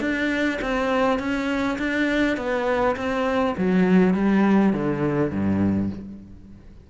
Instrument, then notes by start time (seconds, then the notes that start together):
cello
0.00 D4
0.61 C4
1.19 C#4
1.79 D4
2.37 B3
2.96 C4
3.57 F#3
4.14 G3
4.73 D3
5.31 G2